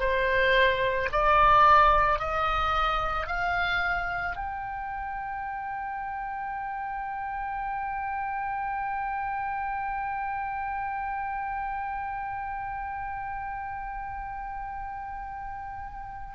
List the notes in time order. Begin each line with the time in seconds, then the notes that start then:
0.00 C5
1.12 D5
2.19 D#5
3.27 F5
4.36 G5